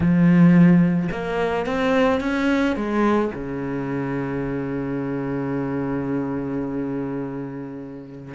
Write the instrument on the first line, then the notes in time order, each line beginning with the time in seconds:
cello
0.00 F3
1.11 A#3
1.66 C4
2.20 C#4
2.76 G#3
3.34 C#3